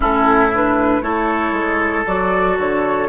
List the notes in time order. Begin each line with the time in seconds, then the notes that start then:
0.00 A2 C#4 E4 A4
0.53 D4 B4
1.01 A3 E4 A4 C#5
1.52 G#3
2.06 F#3 F#4 D5
2.58 D3 C#5